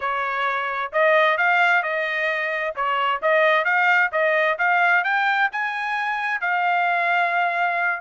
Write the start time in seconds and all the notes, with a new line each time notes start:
0.00 C#5
0.92 D#5
1.37 F5
1.82 D#5
2.75 C#5
3.22 D#5
3.64 F5
4.12 D#5
4.58 F5
5.04 G5
5.52 G#5
6.40 F5